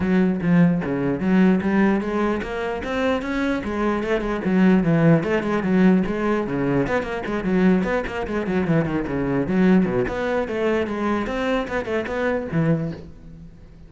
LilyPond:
\new Staff \with { instrumentName = "cello" } { \time 4/4 \tempo 4 = 149 fis4 f4 cis4 fis4 | g4 gis4 ais4 c'4 | cis'4 gis4 a8 gis8 fis4 | e4 a8 gis8 fis4 gis4 |
cis4 b8 ais8 gis8 fis4 b8 | ais8 gis8 fis8 e8 dis8 cis4 fis8~ | fis8 b,8 b4 a4 gis4 | c'4 b8 a8 b4 e4 | }